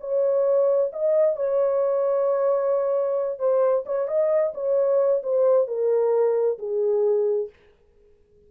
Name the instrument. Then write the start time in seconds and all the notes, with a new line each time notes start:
horn
0.00 C#5
0.92 D#5
1.36 C#5
3.39 C5
3.85 C#5
4.07 D#5
4.54 C#5
5.23 C5
5.67 A#4
6.58 G#4